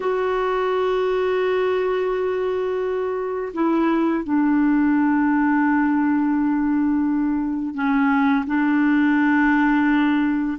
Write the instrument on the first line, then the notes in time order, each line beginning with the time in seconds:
clarinet
0.00 F#4
3.53 E4
4.24 D4
7.74 C#4
8.46 D4